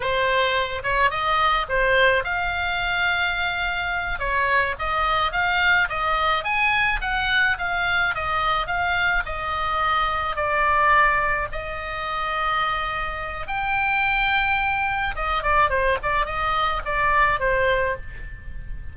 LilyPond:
\new Staff \with { instrumentName = "oboe" } { \time 4/4 \tempo 4 = 107 c''4. cis''8 dis''4 c''4 | f''2.~ f''8 cis''8~ | cis''8 dis''4 f''4 dis''4 gis''8~ | gis''8 fis''4 f''4 dis''4 f''8~ |
f''8 dis''2 d''4.~ | d''8 dis''2.~ dis''8 | g''2. dis''8 d''8 | c''8 d''8 dis''4 d''4 c''4 | }